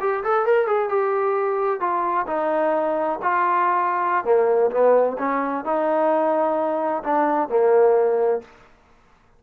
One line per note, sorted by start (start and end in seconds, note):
0.00 0.23 G4
0.23 0.45 A4
0.45 0.67 A#4
0.67 0.89 G#4
0.89 1.80 G4
1.80 2.26 F4
2.27 3.19 D#4
3.22 4.24 F4
4.24 4.70 A#3
4.71 5.17 B3
5.18 5.64 C#4
5.64 7.03 D#4
7.03 7.49 D4
7.49 8.41 A#3